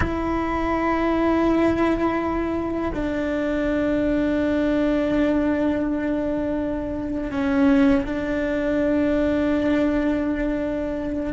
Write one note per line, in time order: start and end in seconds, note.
0.00 2.91 E4
2.94 7.31 D4
7.31 8.04 C#4
8.05 11.33 D4